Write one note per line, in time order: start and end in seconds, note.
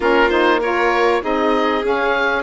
0.00 1.22 A#3
0.00 0.30 C#4
0.00 0.60 F4
0.00 0.29 A#4
0.29 0.60 D#4
0.29 0.60 C5
0.60 1.21 F4
0.60 1.21 A#4
0.60 1.23 C#5
1.21 1.83 C4
1.21 1.82 D#4
1.21 2.43 G#4
1.21 1.85 D#5
1.83 2.43 C#4
1.83 2.43 F5